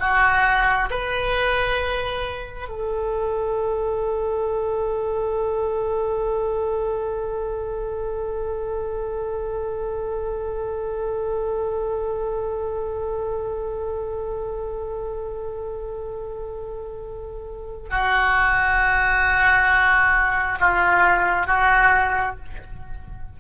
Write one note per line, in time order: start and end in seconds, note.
0.00 0.90 F#4
0.90 2.69 B4
2.69 17.90 A4
17.90 20.58 F#4
20.60 21.47 F4
21.47 22.36 F#4